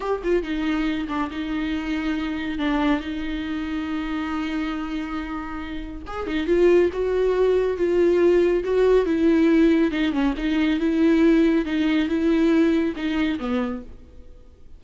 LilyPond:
\new Staff \with { instrumentName = "viola" } { \time 4/4 \tempo 4 = 139 g'8 f'8 dis'4. d'8 dis'4~ | dis'2 d'4 dis'4~ | dis'1~ | dis'2 gis'8 dis'8 f'4 |
fis'2 f'2 | fis'4 e'2 dis'8 cis'8 | dis'4 e'2 dis'4 | e'2 dis'4 b4 | }